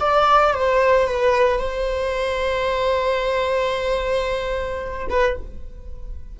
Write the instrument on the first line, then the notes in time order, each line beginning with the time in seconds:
viola
0.00 D5
0.54 C5
1.07 B4
1.59 C5
5.10 B4